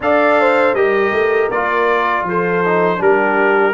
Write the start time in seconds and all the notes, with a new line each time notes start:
0.00 D4 A4 D5 F5
0.40 C5
0.74 G3 G4 A#4 D#5
1.11 A3
1.50 A#3 F4 D5
2.23 F3 A4 C5
2.65 D#4
2.97 G3 D4 G4 A#4